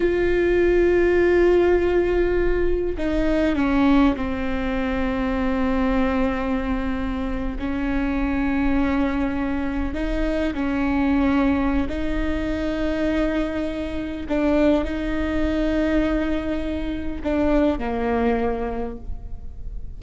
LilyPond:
\new Staff \with { instrumentName = "viola" } { \time 4/4 \tempo 4 = 101 f'1~ | f'4 dis'4 cis'4 c'4~ | c'1~ | c'8. cis'2.~ cis'16~ |
cis'8. dis'4 cis'2~ cis'16 | dis'1 | d'4 dis'2.~ | dis'4 d'4 ais2 | }